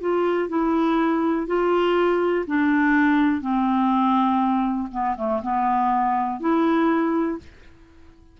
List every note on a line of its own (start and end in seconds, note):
0.00 0.49 F4
0.49 1.47 E4
1.47 2.45 F4
2.46 3.41 D4
3.41 4.88 C4
4.91 5.16 B3
5.16 5.41 A3
5.42 6.40 B3
6.40 7.38 E4